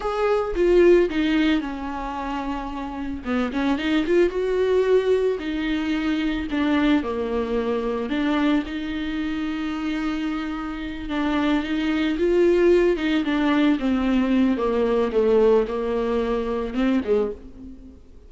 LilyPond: \new Staff \with { instrumentName = "viola" } { \time 4/4 \tempo 4 = 111 gis'4 f'4 dis'4 cis'4~ | cis'2 b8 cis'8 dis'8 f'8 | fis'2 dis'2 | d'4 ais2 d'4 |
dis'1~ | dis'8 d'4 dis'4 f'4. | dis'8 d'4 c'4. ais4 | a4 ais2 c'8 gis8 | }